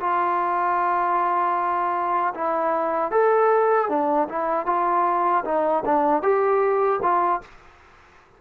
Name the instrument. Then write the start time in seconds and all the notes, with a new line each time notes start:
trombone
0.00 F4
2.34 E4
3.11 A4
3.89 D4
4.29 E4
4.66 F4
5.45 D#4
5.85 D4
6.22 G4
7.02 F4